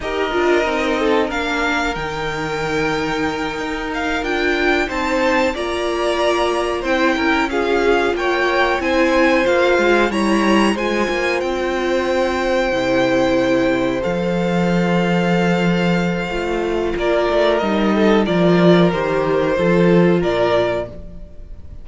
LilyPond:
<<
  \new Staff \with { instrumentName = "violin" } { \time 4/4 \tempo 4 = 92 dis''2 f''4 g''4~ | g''2 f''8 g''4 a''8~ | a''8 ais''2 g''4 f''8~ | f''8 g''4 gis''4 f''4 ais''8~ |
ais''8 gis''4 g''2~ g''8~ | g''4. f''2~ f''8~ | f''2 d''4 dis''4 | d''4 c''2 d''4 | }
  \new Staff \with { instrumentName = "violin" } { \time 4/4 ais'4. a'8 ais'2~ | ais'2.~ ais'8 c''8~ | c''8 d''2 c''8 ais'8 gis'8~ | gis'8 cis''4 c''2 cis''8~ |
cis''8 c''2.~ c''8~ | c''1~ | c''2 ais'4. a'8 | ais'2 a'4 ais'4 | }
  \new Staff \with { instrumentName = "viola" } { \time 4/4 g'8 f'8 dis'4 d'4 dis'4~ | dis'2~ dis'8 f'4 dis'8~ | dis'8 f'2 e'4 f'8~ | f'4. e'4 f'4 e'8~ |
e'8 f'2. e'8~ | e'4. a'2~ a'8~ | a'4 f'2 dis'4 | f'4 g'4 f'2 | }
  \new Staff \with { instrumentName = "cello" } { \time 4/4 dis'8 d'8 c'4 ais4 dis4~ | dis4. dis'4 d'4 c'8~ | c'8 ais2 c'8 cis'4~ | cis'8 ais4 c'4 ais8 gis8 g8~ |
g8 gis8 ais8 c'2 c8~ | c4. f2~ f8~ | f4 a4 ais8 a8 g4 | f4 dis4 f4 ais,4 | }
>>